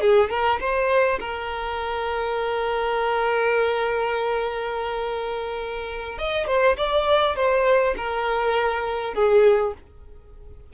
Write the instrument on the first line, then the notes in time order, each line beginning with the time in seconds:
violin
0.00 G#4
0.30 A#4
0.60 C5
1.20 A#4
6.18 D#5
6.47 C5
6.77 D5
7.36 C5
7.97 A#4
9.14 G#4